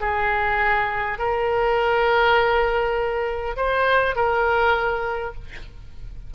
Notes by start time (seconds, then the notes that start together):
0.00 G#4
1.18 A#4
3.56 C5
4.15 A#4